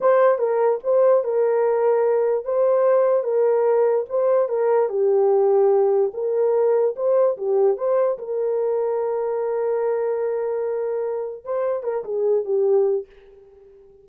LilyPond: \new Staff \with { instrumentName = "horn" } { \time 4/4 \tempo 4 = 147 c''4 ais'4 c''4 ais'4~ | ais'2 c''2 | ais'2 c''4 ais'4 | g'2. ais'4~ |
ais'4 c''4 g'4 c''4 | ais'1~ | ais'1 | c''4 ais'8 gis'4 g'4. | }